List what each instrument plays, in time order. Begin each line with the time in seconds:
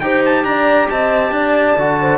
0.00 cello D#4, trombone G4, horn C5, trumpet G5
0.25 trumpet A5
0.44 cello D4, horn D5, trumpet A#5
0.90 cello C4, horn D#5, trumpet A5
1.31 cello D4, horn D5
1.77 cello D3, trombone F#4
2.00 horn C5